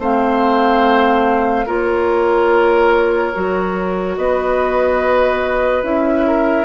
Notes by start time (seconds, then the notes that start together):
0.00 A3 C4 C5 F5
1.66 A#3 F4 A#4 C#5
3.34 F#3 F#4
4.17 B3 B4 D#5
5.84 C#4 E4 E5
6.27 A#4